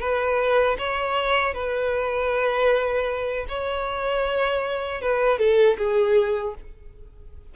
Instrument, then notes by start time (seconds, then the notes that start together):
violin
0.00 B4
0.78 C#5
1.54 B4
3.49 C#5
5.01 B4
5.38 A4
5.78 G#4